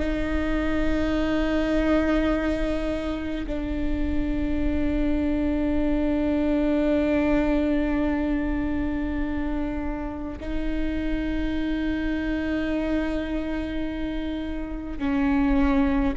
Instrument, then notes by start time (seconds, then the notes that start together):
viola
0.00 D#4
3.47 D4
10.41 D#4
14.99 C#4